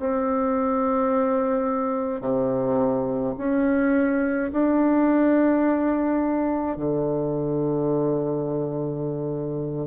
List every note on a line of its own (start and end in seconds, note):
0.00 2.21 C4
2.21 3.34 C3
3.38 4.51 C#4
4.53 6.77 D4
6.77 9.87 D3